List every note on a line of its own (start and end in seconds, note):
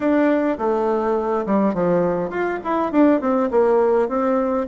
0.00 0.57 D4
0.58 1.45 A3
1.46 1.74 G3
1.74 2.30 F3
2.30 2.59 F4
2.63 2.92 E4
2.92 3.20 D4
3.20 3.50 C4
3.50 4.08 A#3
4.08 4.66 C4